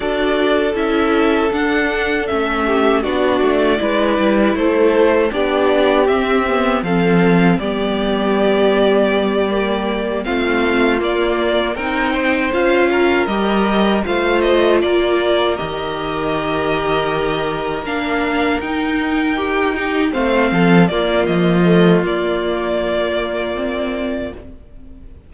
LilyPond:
<<
  \new Staff \with { instrumentName = "violin" } { \time 4/4 \tempo 4 = 79 d''4 e''4 fis''4 e''4 | d''2 c''4 d''4 | e''4 f''4 d''2~ | d''4. f''4 d''4 g''8~ |
g''8 f''4 dis''4 f''8 dis''8 d''8~ | d''8 dis''2. f''8~ | f''8 g''2 f''4 d''8 | dis''4 d''2. | }
  \new Staff \with { instrumentName = "violin" } { \time 4/4 a'2.~ a'8 g'8 | fis'4 b'4 a'4 g'4~ | g'4 a'4 g'2~ | g'4. f'2 ais'8 |
c''4 ais'4. c''4 ais'8~ | ais'1~ | ais'2 g'8 c''8 a'8 f'8~ | f'1 | }
  \new Staff \with { instrumentName = "viola" } { \time 4/4 fis'4 e'4 d'4 cis'4 | d'4 e'2 d'4 | c'8 b8 c'4 b2~ | b8 ais4 c'4 ais4 dis'8~ |
dis'8 f'4 g'4 f'4.~ | f'8 g'2. d'8~ | d'8 dis'4 g'8 dis'8 c'4 ais8~ | ais8 a8 ais2 c'4 | }
  \new Staff \with { instrumentName = "cello" } { \time 4/4 d'4 cis'4 d'4 a4 | b8 a8 gis8 g8 a4 b4 | c'4 f4 g2~ | g4. a4 ais4 c'8~ |
c'8 cis'4 g4 a4 ais8~ | ais8 dis2. ais8~ | ais8 dis'2 a8 f8 ais8 | f4 ais2. | }
>>